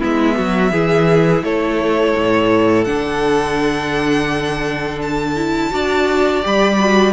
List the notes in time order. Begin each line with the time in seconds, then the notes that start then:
0.00 G#3 B3 E4 E5
0.37 F#3 F#4
0.72 E3 E4 G#4
1.44 A3 A4 C#5
2.17 A2
2.85 D3 D4 F#5
5.02 A5
5.36 E4
5.71 D4 F#4 D5
6.43 G3 G4 B5
6.80 F#4